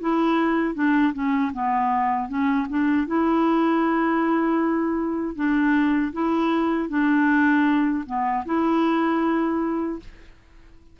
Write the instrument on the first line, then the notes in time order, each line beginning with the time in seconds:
clarinet
0.00 E4
0.75 D4
1.13 C#4
1.53 B3
2.28 C#4
2.69 D4
3.07 E4
5.35 D4
6.13 E4
6.89 D4
8.06 B3
8.45 E4